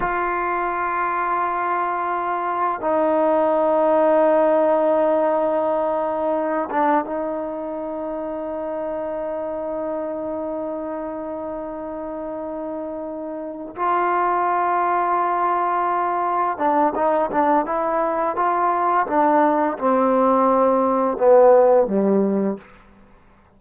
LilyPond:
\new Staff \with { instrumentName = "trombone" } { \time 4/4 \tempo 4 = 85 f'1 | dis'1~ | dis'4. d'8 dis'2~ | dis'1~ |
dis'2.~ dis'8 f'8~ | f'2.~ f'8 d'8 | dis'8 d'8 e'4 f'4 d'4 | c'2 b4 g4 | }